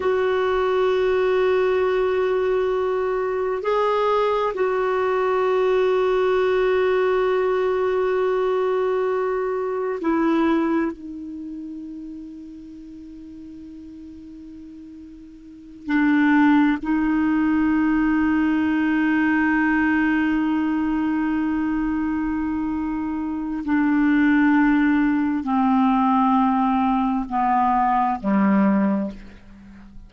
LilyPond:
\new Staff \with { instrumentName = "clarinet" } { \time 4/4 \tempo 4 = 66 fis'1 | gis'4 fis'2.~ | fis'2. e'4 | dis'1~ |
dis'4. d'4 dis'4.~ | dis'1~ | dis'2 d'2 | c'2 b4 g4 | }